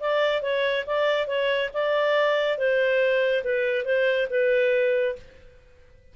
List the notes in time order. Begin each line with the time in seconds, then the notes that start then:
0.00 D5
0.42 C#5
0.87 D5
1.27 C#5
1.74 D5
2.58 C5
3.44 B4
3.85 C5
4.30 B4